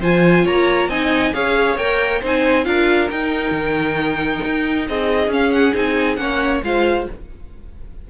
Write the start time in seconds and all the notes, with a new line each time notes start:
0.00 F3 F4 C5 G#5
0.44 A#3 C#5 A#5
0.88 C4 D#4 D#5 G#5
1.33 C#4 G#4 C#5 F5
1.77 A#3 A#4 G5
2.21 C4 D#4 C5 G#5
2.64 D4 F4 A#4 F5
3.10 D#4 G5
3.51 D#3
4.45 D#4
4.87 C4 G#4 D#5
5.27 C#4 F5
5.52 F#5
5.74 C4 D#4 G#5
6.16 A#3 C#4 C#5 F#5
6.63 G#3 F4 C5 F5